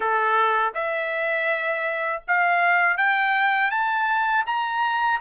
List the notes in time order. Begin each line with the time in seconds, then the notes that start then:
0.00 A4
0.74 E5
2.27 F5
2.97 G5
3.70 A5
4.46 A#5